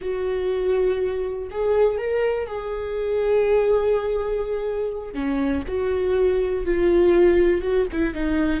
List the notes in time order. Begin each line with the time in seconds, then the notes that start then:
0.01 F#4
1.50 G#4
1.97 A#4
2.46 G#4
5.13 C#4
5.67 F#4
6.65 F4
7.61 F#4
7.92 E4
8.14 D#4